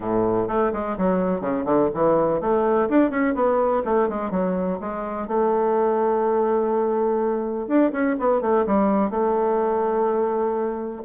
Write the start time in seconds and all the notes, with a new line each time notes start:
0.00 A2
0.48 A3
0.72 G#3
0.97 F#3
1.40 C#3
1.65 D3
1.94 E3
2.40 A3
2.89 D4
3.10 C#4
3.34 B3
3.84 A3
4.08 G#3
4.30 F#3
4.80 G#3
5.27 A3
7.67 D4
7.92 C#4
8.19 B3
8.41 A3
8.66 G3
9.10 A3